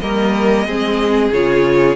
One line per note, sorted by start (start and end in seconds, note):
0.00 0.66 G3
0.00 0.67 A#3
0.00 0.67 A#4
0.00 1.30 D#5
0.66 1.32 G#3
0.66 1.32 C4
0.66 1.96 G#4
1.32 1.96 C#3
1.32 1.96 F4
1.32 1.96 C#5